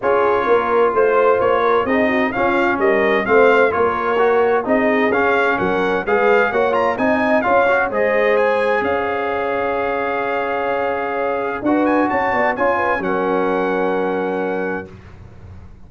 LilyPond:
<<
  \new Staff \with { instrumentName = "trumpet" } { \time 4/4 \tempo 4 = 129 cis''2 c''4 cis''4 | dis''4 f''4 dis''4 f''4 | cis''2 dis''4 f''4 | fis''4 f''4 fis''8 ais''8 gis''4 |
f''4 dis''4 gis''4 f''4~ | f''1~ | f''4 fis''8 gis''8 a''4 gis''4 | fis''1 | }
  \new Staff \with { instrumentName = "horn" } { \time 4/4 gis'4 ais'4 c''4. ais'8 | gis'8 fis'8 f'4 ais'4 c''4 | ais'2 gis'2 | ais'4 b'4 cis''4 dis''4 |
cis''4 c''2 cis''4~ | cis''1~ | cis''4 b'4 cis''8 d''8 cis''8 b'8 | ais'1 | }
  \new Staff \with { instrumentName = "trombone" } { \time 4/4 f'1 | dis'4 cis'2 c'4 | f'4 fis'4 dis'4 cis'4~ | cis'4 gis'4 fis'8 f'8 dis'4 |
f'8 fis'8 gis'2.~ | gis'1~ | gis'4 fis'2 f'4 | cis'1 | }
  \new Staff \with { instrumentName = "tuba" } { \time 4/4 cis'4 ais4 a4 ais4 | c'4 cis'4 g4 a4 | ais2 c'4 cis'4 | fis4 gis4 ais4 c'4 |
cis'4 gis2 cis'4~ | cis'1~ | cis'4 d'4 cis'8 b8 cis'4 | fis1 | }
>>